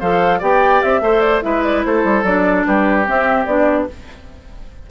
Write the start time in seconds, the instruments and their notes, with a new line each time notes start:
0.00 bassoon F3, clarinet A4, oboe C5, flute F5
0.39 bassoon B3, clarinet G4, oboe D5, flute G5
0.82 bassoon C4, flute E5
1.01 bassoon A3, clarinet A4, oboe C5
1.20 flute D5
1.42 bassoon G#3, clarinet E4, oboe B4, flute E5
1.63 flute D5
1.85 bassoon A3, oboe A4, flute C5
2.04 bassoon G3
2.23 bassoon F#3, clarinet D4, flute D5
2.66 bassoon G3, oboe G4, flute B4
3.05 clarinet C4, bassoon C4, flute E5
3.46 bassoon B3, clarinet D4, flute D5